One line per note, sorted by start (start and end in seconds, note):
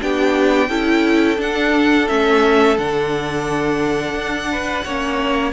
0.00 0.69 B3
0.00 0.69 D4
0.00 0.69 G4
0.00 1.40 G5
0.69 1.38 C#4
0.69 1.37 E4
0.69 4.48 A4
1.37 2.06 D4
1.37 2.08 D4
1.37 2.08 F#5
2.08 2.77 A3
2.08 2.77 C#4
2.08 2.77 E5
2.77 4.15 D3
2.77 4.85 D4
2.77 5.52 F#5
4.15 4.83 D4
4.51 4.84 B4
4.84 5.52 A#3
4.84 5.52 C#4
4.84 5.52 C#5